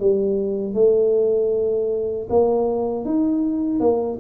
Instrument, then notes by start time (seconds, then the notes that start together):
tuba
0.00 G3
0.74 A3
2.30 A#3
3.05 D#4
3.80 A#3